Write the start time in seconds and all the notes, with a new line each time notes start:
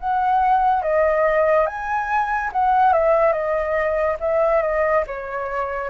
0.00 F#5
0.83 D#5
1.67 G#5
2.53 F#5
2.93 E5
3.33 D#5
4.20 E5
4.62 D#5
5.07 C#5